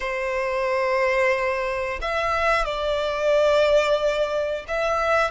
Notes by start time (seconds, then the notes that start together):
0.00 C5
2.01 E5
2.65 D5
4.68 E5